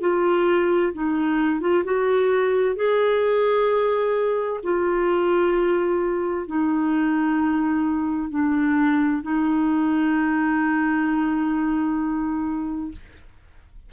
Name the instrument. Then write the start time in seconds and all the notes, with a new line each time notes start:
clarinet
0.00 F4
0.93 D#4
1.60 F4
1.84 F#4
2.75 G#4
4.63 F4
6.47 D#4
8.30 D4
9.22 D#4